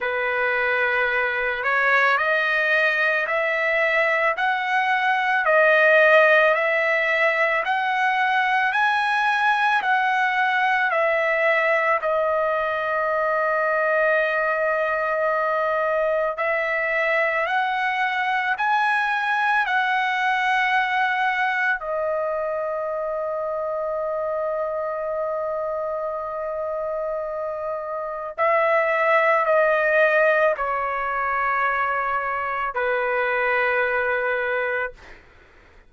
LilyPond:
\new Staff \with { instrumentName = "trumpet" } { \time 4/4 \tempo 4 = 55 b'4. cis''8 dis''4 e''4 | fis''4 dis''4 e''4 fis''4 | gis''4 fis''4 e''4 dis''4~ | dis''2. e''4 |
fis''4 gis''4 fis''2 | dis''1~ | dis''2 e''4 dis''4 | cis''2 b'2 | }